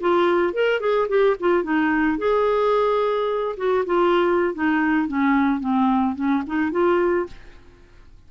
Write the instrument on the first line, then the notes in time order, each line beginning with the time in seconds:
clarinet
0.00 F4
0.54 A#4
0.80 G#4
1.09 G4
1.40 F4
1.63 D#4
2.18 G#4
3.57 F#4
3.86 F4
4.54 D#4
5.08 C#4
5.60 C4
6.16 C#4
6.47 D#4
6.72 F4